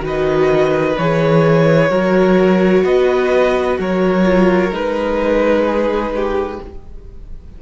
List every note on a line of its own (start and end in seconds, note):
0.00 0.95 D#3
0.00 0.94 F#4
0.00 1.90 B4
0.06 0.97 D#5
0.97 1.89 E3
0.97 1.89 G#4
0.97 2.84 C#5
1.89 2.83 F#3
1.89 4.24 F#4
1.89 2.83 A#4
2.84 3.78 B3
2.84 3.78 B4
2.84 3.78 D#5
3.78 4.71 F#3
3.78 5.65 A#4
3.78 4.74 C#5
4.24 4.71 F4
4.71 6.59 G#3
4.71 6.59 D#4
4.71 6.61 B4
5.65 6.12 G#4
6.15 6.62 G4